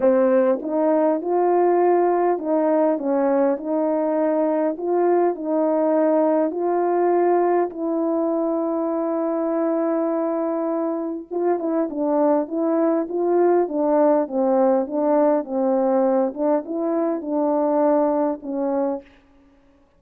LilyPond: \new Staff \with { instrumentName = "horn" } { \time 4/4 \tempo 4 = 101 c'4 dis'4 f'2 | dis'4 cis'4 dis'2 | f'4 dis'2 f'4~ | f'4 e'2.~ |
e'2. f'8 e'8 | d'4 e'4 f'4 d'4 | c'4 d'4 c'4. d'8 | e'4 d'2 cis'4 | }